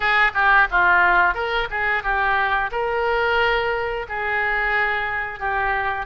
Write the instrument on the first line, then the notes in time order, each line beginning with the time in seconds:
oboe
0.00 G#4
0.34 G4
0.70 F4
1.34 A#4
1.70 G#4
2.03 G4
2.72 A#4
4.08 G#4
5.39 G4